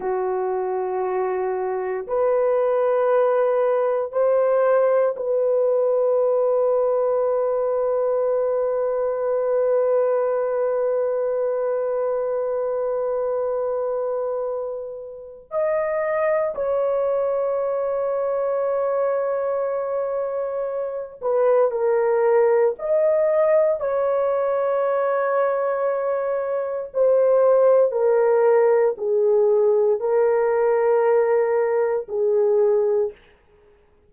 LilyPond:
\new Staff \with { instrumentName = "horn" } { \time 4/4 \tempo 4 = 58 fis'2 b'2 | c''4 b'2.~ | b'1~ | b'2. dis''4 |
cis''1~ | cis''8 b'8 ais'4 dis''4 cis''4~ | cis''2 c''4 ais'4 | gis'4 ais'2 gis'4 | }